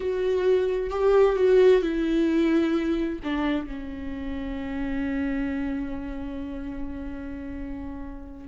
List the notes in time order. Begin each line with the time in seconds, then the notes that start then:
0.00 F#4
0.90 G4
1.36 F#4
1.82 E4
3.23 D4
3.66 C#4